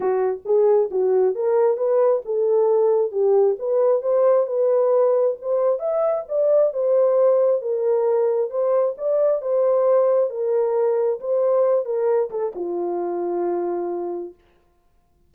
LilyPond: \new Staff \with { instrumentName = "horn" } { \time 4/4 \tempo 4 = 134 fis'4 gis'4 fis'4 ais'4 | b'4 a'2 g'4 | b'4 c''4 b'2 | c''4 e''4 d''4 c''4~ |
c''4 ais'2 c''4 | d''4 c''2 ais'4~ | ais'4 c''4. ais'4 a'8 | f'1 | }